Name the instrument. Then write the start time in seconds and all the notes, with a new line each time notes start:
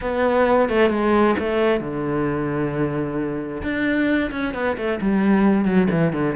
cello
0.01 B3
0.69 A3
0.89 G#3
1.39 A3
1.80 D3
3.62 D4
4.31 C#4
4.54 B3
4.77 A3
5.01 G3
5.65 F#3
5.90 E3
6.12 D3